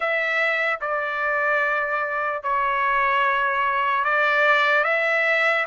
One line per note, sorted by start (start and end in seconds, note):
0.00 0.80 E5
0.80 2.42 D5
2.42 4.04 C#5
4.04 4.84 D5
4.84 5.65 E5